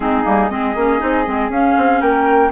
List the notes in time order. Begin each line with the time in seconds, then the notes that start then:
0.00 G#3 C4 D#4 G#4
0.24 G3 A#3
0.50 G#3 C4 G#4 D#5
0.75 A#3 C#4
0.99 C4 D#4
1.25 G#3 C4
1.49 C#4 F5
1.77 C4
2.00 A#3 A#4 G5